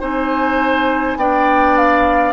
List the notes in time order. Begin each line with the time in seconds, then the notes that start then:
0.00 C4 D#4 C5 G#5
1.16 B3 D4 D5 G5
1.77 F5